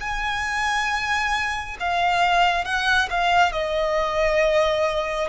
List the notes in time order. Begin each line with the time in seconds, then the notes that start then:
0.00 G#5
1.80 F5
2.64 F#5
3.10 F5
3.52 D#5